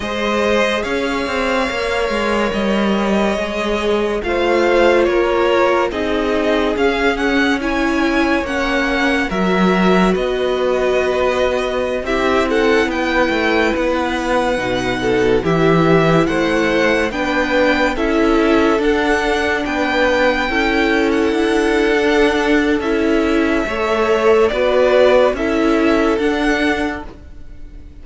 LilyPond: <<
  \new Staff \with { instrumentName = "violin" } { \time 4/4 \tempo 4 = 71 dis''4 f''2 dis''4~ | dis''4 f''4 cis''4 dis''4 | f''8 fis''8 gis''4 fis''4 e''4 | dis''2~ dis''16 e''8 fis''8 g''8.~ |
g''16 fis''2 e''4 fis''8.~ | fis''16 g''4 e''4 fis''4 g''8.~ | g''4 fis''2 e''4~ | e''4 d''4 e''4 fis''4 | }
  \new Staff \with { instrumentName = "violin" } { \time 4/4 c''4 cis''2.~ | cis''4 c''4 ais'4 gis'4~ | gis'4 cis''2 ais'4 | b'2~ b'16 g'8 a'8 b'8.~ |
b'4.~ b'16 a'8 g'4 c''8.~ | c''16 b'4 a'2 b'8.~ | b'16 a'2.~ a'8. | cis''4 b'4 a'2 | }
  \new Staff \with { instrumentName = "viola" } { \time 4/4 gis'2 ais'2 | gis'4 f'2 dis'4 | cis'4 e'4 cis'4 fis'4~ | fis'2~ fis'16 e'4.~ e'16~ |
e'4~ e'16 dis'4 e'4.~ e'16~ | e'16 d'4 e'4 d'4.~ d'16~ | d'16 e'4.~ e'16 d'4 e'4 | a'4 fis'4 e'4 d'4 | }
  \new Staff \with { instrumentName = "cello" } { \time 4/4 gis4 cis'8 c'8 ais8 gis8 g4 | gis4 a4 ais4 c'4 | cis'2 ais4 fis4 | b2~ b16 c'4 b8 a16~ |
a16 b4 b,4 e4 a8.~ | a16 b4 cis'4 d'4 b8.~ | b16 cis'4 d'4.~ d'16 cis'4 | a4 b4 cis'4 d'4 | }
>>